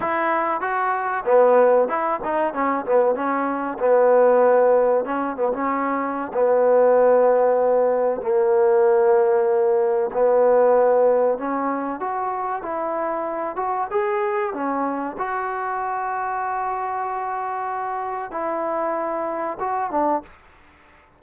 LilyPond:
\new Staff \with { instrumentName = "trombone" } { \time 4/4 \tempo 4 = 95 e'4 fis'4 b4 e'8 dis'8 | cis'8 b8 cis'4 b2 | cis'8 b16 cis'4~ cis'16 b2~ | b4 ais2. |
b2 cis'4 fis'4 | e'4. fis'8 gis'4 cis'4 | fis'1~ | fis'4 e'2 fis'8 d'8 | }